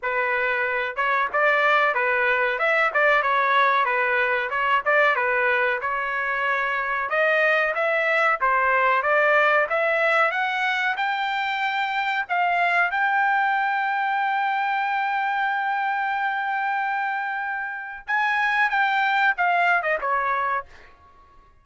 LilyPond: \new Staff \with { instrumentName = "trumpet" } { \time 4/4 \tempo 4 = 93 b'4. cis''8 d''4 b'4 | e''8 d''8 cis''4 b'4 cis''8 d''8 | b'4 cis''2 dis''4 | e''4 c''4 d''4 e''4 |
fis''4 g''2 f''4 | g''1~ | g''1 | gis''4 g''4 f''8. dis''16 cis''4 | }